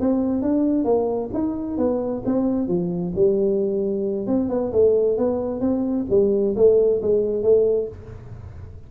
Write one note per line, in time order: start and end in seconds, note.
0.00 0.42 C4
0.42 0.85 D4
0.85 1.30 A#3
1.34 1.77 D#4
1.77 2.23 B3
2.25 2.68 C4
2.68 3.13 F3
3.15 4.27 G3
4.27 4.49 C4
4.49 4.72 B3
4.73 5.18 A3
5.18 5.61 B3
5.61 6.06 C4
6.10 6.56 G3
6.56 7.01 A3
7.02 7.43 G#3
7.43 7.88 A3